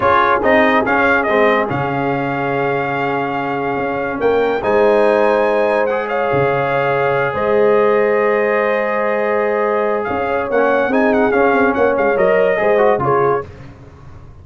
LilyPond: <<
  \new Staff \with { instrumentName = "trumpet" } { \time 4/4 \tempo 4 = 143 cis''4 dis''4 f''4 dis''4 | f''1~ | f''2 g''4 gis''4~ | gis''2 fis''8 f''4.~ |
f''4. dis''2~ dis''8~ | dis''1 | f''4 fis''4 gis''8 fis''8 f''4 | fis''8 f''8 dis''2 cis''4 | }
  \new Staff \with { instrumentName = "horn" } { \time 4/4 gis'1~ | gis'1~ | gis'2 ais'4 c''4~ | c''2~ c''8 cis''4.~ |
cis''4. c''2~ c''8~ | c''1 | cis''2 gis'2 | cis''2 c''4 gis'4 | }
  \new Staff \with { instrumentName = "trombone" } { \time 4/4 f'4 dis'4 cis'4 c'4 | cis'1~ | cis'2. dis'4~ | dis'2 gis'2~ |
gis'1~ | gis'1~ | gis'4 cis'4 dis'4 cis'4~ | cis'4 ais'4 gis'8 fis'8 f'4 | }
  \new Staff \with { instrumentName = "tuba" } { \time 4/4 cis'4 c'4 cis'4 gis4 | cis1~ | cis4 cis'4 ais4 gis4~ | gis2. cis4~ |
cis4. gis2~ gis8~ | gis1 | cis'4 ais4 c'4 cis'8 c'8 | ais8 gis8 fis4 gis4 cis4 | }
>>